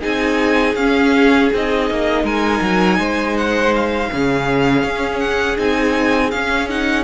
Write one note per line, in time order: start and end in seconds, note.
0.00 0.75 C4
0.00 0.76 D#4
0.00 2.22 G#4
0.00 0.75 G#5
0.75 1.49 C#4
0.75 1.53 C#4
0.75 1.50 F5
1.54 1.91 C4
1.54 4.13 D#4
1.54 2.26 D#5
1.91 2.24 A#3
2.24 2.61 G#3
2.24 2.99 A#4
2.24 3.37 G#5
2.62 2.98 F#3
2.98 4.09 G#3
2.98 4.10 C5
3.37 3.74 F#5
3.75 5.20 F5
4.12 4.84 C#3
4.12 5.57 C#4
4.12 7.04 G#4
4.84 5.58 C#4
5.20 5.57 F#5
5.57 6.33 C4
5.57 6.31 D#4
5.57 6.31 G#5
6.31 7.04 C#4
6.31 6.69 C#4
6.31 6.68 F5
6.69 7.04 D#4
6.69 7.04 F#5